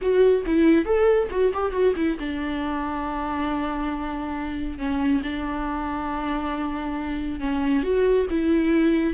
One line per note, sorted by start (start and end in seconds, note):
0.01 0.45 F#4
0.46 0.85 E4
0.85 1.28 A4
1.30 1.52 F#4
1.53 1.72 G4
1.72 1.93 F#4
1.95 2.17 E4
2.19 4.78 D4
4.78 5.21 C#4
5.23 7.40 D4
7.40 7.83 C#4
7.83 8.26 F#4
8.30 9.13 E4